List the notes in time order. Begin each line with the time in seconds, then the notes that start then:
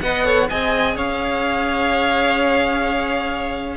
0.00 B3 B4 D#5 F#5
0.24 A4 C#5
0.49 C4 G#4 D#5 G#5
0.95 C#4 C#5 F5